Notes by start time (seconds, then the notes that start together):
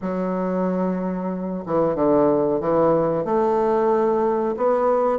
0.01 F#3
1.66 E3
1.95 D3
2.60 E3
3.25 A3
4.57 B3